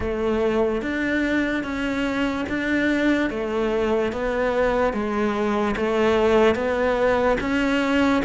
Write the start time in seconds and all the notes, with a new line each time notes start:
0.00 A3
0.81 D4
1.63 C#4
2.48 D4
3.30 A3
4.12 B3
4.93 G#3
5.76 A3
6.55 B3
7.40 C#4